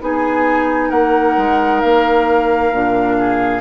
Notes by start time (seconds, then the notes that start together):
0.00 B3 D#4 G#4 G#5
0.89 A#3 A#4 F#5
1.37 G#3
1.80 A#3 F5
2.72 A#2 D4
3.18 G#4